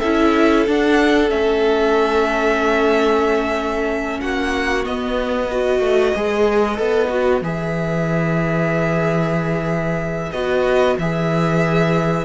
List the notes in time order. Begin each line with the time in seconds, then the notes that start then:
0.00 C#4 E4 A4 E5
0.67 D4 F#5
1.30 A3 C#4 E5
4.21 A#3 F#4 F#5
4.85 B3 D#5
5.48 F#4 B4
5.80 A3
6.16 G#3 G#4
6.75 B3 A4
7.10 F#4
7.41 E3 G#4 E5
10.32 B3 F#4 D#5
10.98 E3 G#4 E5